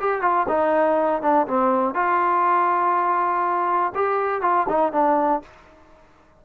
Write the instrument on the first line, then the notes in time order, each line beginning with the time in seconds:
trombone
0.00 G4
0.22 F4
0.48 D#4
1.22 D4
1.47 C4
1.94 F4
3.94 G4
4.42 F4
4.69 D#4
4.92 D4